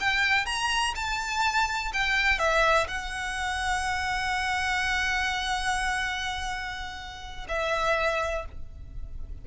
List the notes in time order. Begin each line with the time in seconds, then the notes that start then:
0.00 G5
0.46 A#5
0.95 A5
1.93 G5
2.39 E5
2.87 F#5
7.48 E5